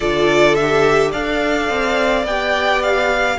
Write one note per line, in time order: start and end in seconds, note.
0.00 1.13 D3
0.00 0.57 F4
0.00 1.09 A4
0.00 0.54 D5
0.54 1.11 E5
0.61 1.14 G4
1.11 1.69 D4
1.11 2.27 A4
1.11 3.37 D5
1.11 2.25 F5
1.69 2.24 C4
2.24 3.37 B3
2.24 3.39 G4
2.24 2.82 G5
2.82 3.39 F5